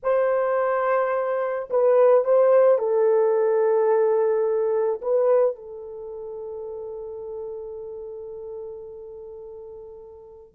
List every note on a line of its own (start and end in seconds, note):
0.02 1.69 C5
1.70 2.24 B4
2.24 2.78 C5
2.78 5.00 A4
5.02 5.55 B4
5.55 10.55 A4